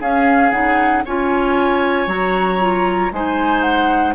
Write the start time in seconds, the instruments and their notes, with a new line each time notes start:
0.00 bassoon C#4, clarinet C#4, oboe G#4, flute F5
0.52 bassoon C#3, clarinet D#4, flute F#5
1.05 bassoon C#4, clarinet F4, oboe C#5, flute G#5
2.07 bassoon F#3, clarinet F#4, flute A#5
2.59 clarinet F4
3.12 bassoon G#3, clarinet D#4, oboe C5, flute G#5
3.62 flute F#5